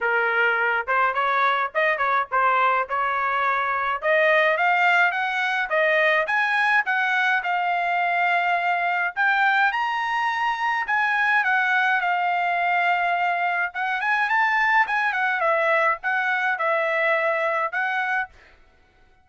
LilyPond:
\new Staff \with { instrumentName = "trumpet" } { \time 4/4 \tempo 4 = 105 ais'4. c''8 cis''4 dis''8 cis''8 | c''4 cis''2 dis''4 | f''4 fis''4 dis''4 gis''4 | fis''4 f''2. |
g''4 ais''2 gis''4 | fis''4 f''2. | fis''8 gis''8 a''4 gis''8 fis''8 e''4 | fis''4 e''2 fis''4 | }